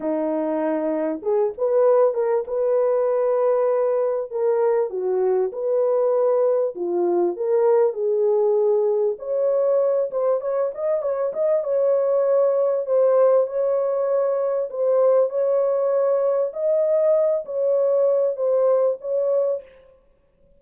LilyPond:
\new Staff \with { instrumentName = "horn" } { \time 4/4 \tempo 4 = 98 dis'2 gis'8 b'4 ais'8 | b'2. ais'4 | fis'4 b'2 f'4 | ais'4 gis'2 cis''4~ |
cis''8 c''8 cis''8 dis''8 cis''8 dis''8 cis''4~ | cis''4 c''4 cis''2 | c''4 cis''2 dis''4~ | dis''8 cis''4. c''4 cis''4 | }